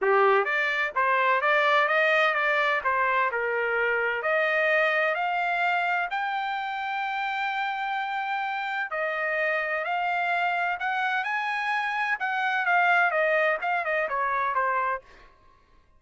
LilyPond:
\new Staff \with { instrumentName = "trumpet" } { \time 4/4 \tempo 4 = 128 g'4 d''4 c''4 d''4 | dis''4 d''4 c''4 ais'4~ | ais'4 dis''2 f''4~ | f''4 g''2.~ |
g''2. dis''4~ | dis''4 f''2 fis''4 | gis''2 fis''4 f''4 | dis''4 f''8 dis''8 cis''4 c''4 | }